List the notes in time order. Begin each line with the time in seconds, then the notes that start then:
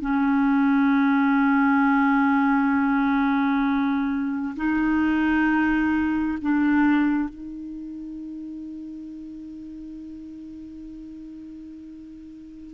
0.00 C#4
4.56 D#4
6.41 D4
7.29 D#4